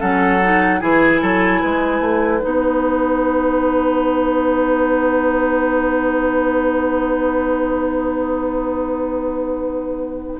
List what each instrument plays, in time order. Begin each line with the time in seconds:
0.00 bassoon F#3, clarinet C#4, oboe A4, flute F#5
0.43 clarinet D#4
0.80 bassoon E3, clarinet E4, oboe G#4, flute G#5
1.22 bassoon F#3, oboe A4
1.61 bassoon G#3, oboe B4
2.00 bassoon A3
2.39 bassoon B3, clarinet D#4, flute F#5